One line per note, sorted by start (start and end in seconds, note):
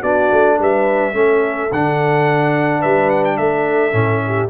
0.00 0.31 B3
0.00 1.13 D4
0.00 0.56 F#4
0.00 0.58 D5
0.32 0.59 A3
0.58 1.13 G3
0.58 1.14 B4
0.58 1.72 E5
1.13 1.69 A3
1.13 1.69 C#4
1.13 2.80 A4
1.71 2.83 D3
1.71 3.92 D4
1.71 2.81 F#5
2.80 3.39 G3
2.80 3.36 B4
2.80 3.09 E5
3.10 3.24 F#5
3.25 3.37 G5
3.37 3.93 A3
3.37 4.23 A4
3.37 4.49 E5
3.92 4.49 A2
3.92 4.48 C#4
4.27 4.50 G4